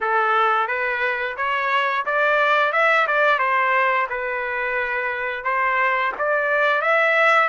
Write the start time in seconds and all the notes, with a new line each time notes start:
0.00 A4
0.67 B4
1.36 C#5
2.05 D5
2.72 E5
3.07 D5
3.38 C5
4.09 B4
5.44 C5
6.18 D5
6.81 E5